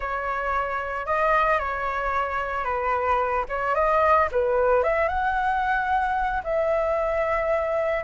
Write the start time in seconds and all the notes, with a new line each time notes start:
0.00 C#5
1.06 D#5
1.59 C#5
2.64 B4
3.48 C#5
3.74 D#5
4.31 B4
4.83 E5
5.08 F#5
6.43 E5